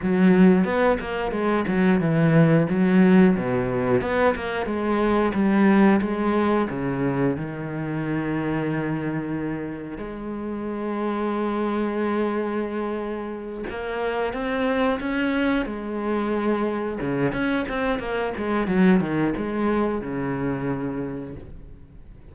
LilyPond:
\new Staff \with { instrumentName = "cello" } { \time 4/4 \tempo 4 = 90 fis4 b8 ais8 gis8 fis8 e4 | fis4 b,4 b8 ais8 gis4 | g4 gis4 cis4 dis4~ | dis2. gis4~ |
gis1~ | gis8 ais4 c'4 cis'4 gis8~ | gis4. cis8 cis'8 c'8 ais8 gis8 | fis8 dis8 gis4 cis2 | }